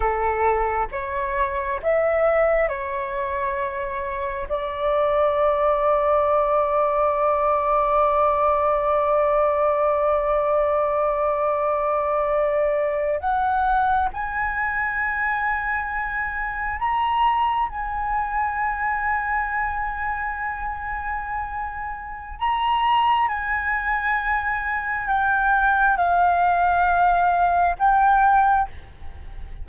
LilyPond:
\new Staff \with { instrumentName = "flute" } { \time 4/4 \tempo 4 = 67 a'4 cis''4 e''4 cis''4~ | cis''4 d''2.~ | d''1~ | d''2~ d''8. fis''4 gis''16~ |
gis''2~ gis''8. ais''4 gis''16~ | gis''1~ | gis''4 ais''4 gis''2 | g''4 f''2 g''4 | }